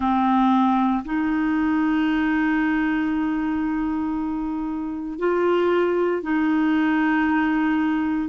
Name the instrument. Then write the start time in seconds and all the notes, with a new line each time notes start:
clarinet
0.00 C4
1.04 D#4
5.19 F4
6.22 D#4